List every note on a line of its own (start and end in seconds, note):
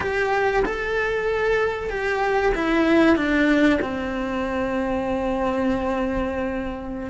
0.00 0.63 G4
0.65 1.89 A4
1.89 2.52 G4
2.54 3.16 E4
3.16 3.79 D4
3.81 7.10 C4